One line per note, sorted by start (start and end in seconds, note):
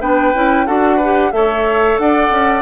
0.00 0.33 B3
0.00 0.34 D4
0.00 0.66 B4
0.00 0.67 G5
0.35 0.68 C#4
0.35 0.67 E4
0.67 1.32 D4
0.67 1.00 F#4
0.67 0.96 A4
0.67 1.32 F#5
0.96 1.29 B4
1.03 1.32 G4
1.32 1.98 A3
1.32 2.62 A4
1.32 2.01 C#5
1.32 1.98 E5
1.98 2.30 D4
1.98 2.62 D5
1.98 2.62 F#5
2.30 2.62 C#4